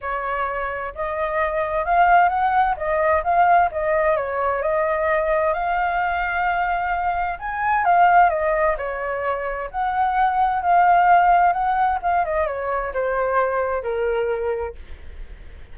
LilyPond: \new Staff \with { instrumentName = "flute" } { \time 4/4 \tempo 4 = 130 cis''2 dis''2 | f''4 fis''4 dis''4 f''4 | dis''4 cis''4 dis''2 | f''1 |
gis''4 f''4 dis''4 cis''4~ | cis''4 fis''2 f''4~ | f''4 fis''4 f''8 dis''8 cis''4 | c''2 ais'2 | }